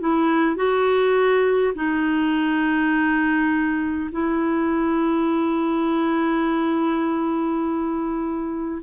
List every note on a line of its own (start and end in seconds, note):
0.00 0.56 E4
0.56 1.73 F#4
1.75 4.10 D#4
4.11 8.82 E4